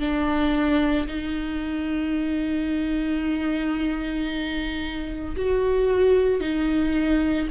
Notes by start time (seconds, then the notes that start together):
0.00 D4
1.07 D#4
5.36 F#4
6.40 D#4